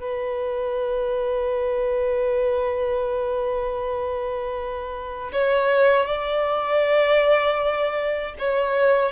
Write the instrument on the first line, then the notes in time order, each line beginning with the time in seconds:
violin
0.00 B4
5.32 C#5
6.06 D5
8.39 C#5